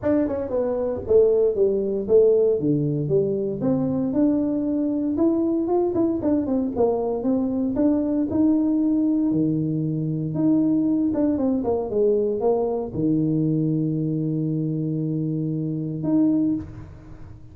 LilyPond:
\new Staff \with { instrumentName = "tuba" } { \time 4/4 \tempo 4 = 116 d'8 cis'8 b4 a4 g4 | a4 d4 g4 c'4 | d'2 e'4 f'8 e'8 | d'8 c'8 ais4 c'4 d'4 |
dis'2 dis2 | dis'4. d'8 c'8 ais8 gis4 | ais4 dis2.~ | dis2. dis'4 | }